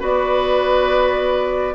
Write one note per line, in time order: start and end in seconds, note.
0.00 1.75 B3
0.00 1.74 F#4
0.00 1.75 B4
0.00 1.75 D5